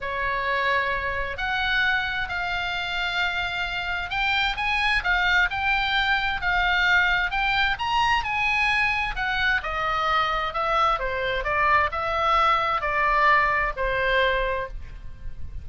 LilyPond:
\new Staff \with { instrumentName = "oboe" } { \time 4/4 \tempo 4 = 131 cis''2. fis''4~ | fis''4 f''2.~ | f''4 g''4 gis''4 f''4 | g''2 f''2 |
g''4 ais''4 gis''2 | fis''4 dis''2 e''4 | c''4 d''4 e''2 | d''2 c''2 | }